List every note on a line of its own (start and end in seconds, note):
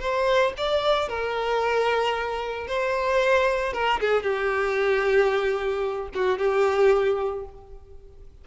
0.00 0.53 C5
0.57 1.09 D5
1.09 2.68 A#4
2.68 3.73 C5
3.73 4.00 A#4
4.00 4.23 G#4
4.23 6.08 G4
6.14 6.38 F#4
6.38 7.45 G4